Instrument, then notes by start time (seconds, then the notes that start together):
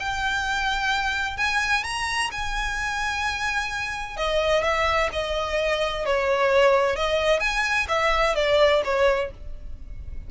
violin
0.00 G5
1.37 G#5
1.84 A#5
2.32 G#5
4.17 D#5
4.63 E5
5.13 D#5
6.06 C#5
6.96 D#5
7.40 G#5
7.89 E5
8.36 D5
8.85 C#5